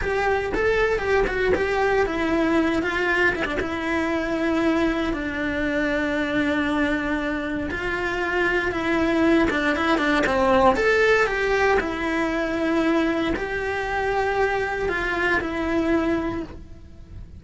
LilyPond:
\new Staff \with { instrumentName = "cello" } { \time 4/4 \tempo 4 = 117 g'4 a'4 g'8 fis'8 g'4 | e'4. f'4 e'16 d'16 e'4~ | e'2 d'2~ | d'2. f'4~ |
f'4 e'4. d'8 e'8 d'8 | c'4 a'4 g'4 e'4~ | e'2 g'2~ | g'4 f'4 e'2 | }